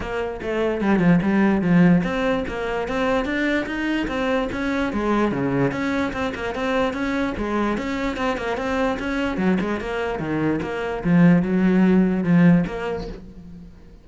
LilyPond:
\new Staff \with { instrumentName = "cello" } { \time 4/4 \tempo 4 = 147 ais4 a4 g8 f8 g4 | f4 c'4 ais4 c'4 | d'4 dis'4 c'4 cis'4 | gis4 cis4 cis'4 c'8 ais8 |
c'4 cis'4 gis4 cis'4 | c'8 ais8 c'4 cis'4 fis8 gis8 | ais4 dis4 ais4 f4 | fis2 f4 ais4 | }